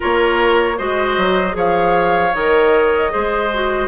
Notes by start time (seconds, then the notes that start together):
0.00 A#3 F4 A#4 C#5
0.77 G#3 F#4 C5 D#5
1.17 F#3
1.51 F3 G#4 C#5
1.58 F5
2.34 D#3 A#4 D#5
3.10 G#3 G#4 C5
3.53 F#4